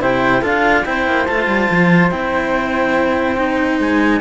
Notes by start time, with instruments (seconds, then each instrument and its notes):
0.00 cello C3 E4, flute C5, clarinet G5
0.41 cello D4 F4, flute A4, clarinet F5
0.85 cello C4 E4, flute C5, clarinet G5
1.07 cello A#3
1.26 cello A3 F4, clarinet A5
1.47 cello G3
1.71 cello F3
2.10 cello C4 E4, clarinet G5
3.37 cello D#4
3.79 cello G#3, clarinet G#5